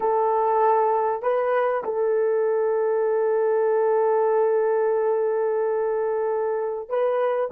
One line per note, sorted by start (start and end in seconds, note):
0.00 1.22 A4
1.22 1.83 B4
1.84 6.89 A4
6.89 7.50 B4